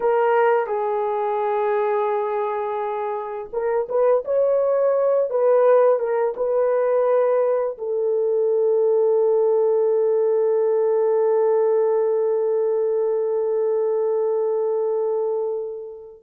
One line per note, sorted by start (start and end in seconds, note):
0.00 0.66 A#4
0.66 3.49 G#4
3.53 3.88 A#4
3.88 4.24 B4
4.24 5.29 C#5
5.29 5.99 B4
5.99 6.34 A#4
6.36 7.77 B4
7.78 16.23 A4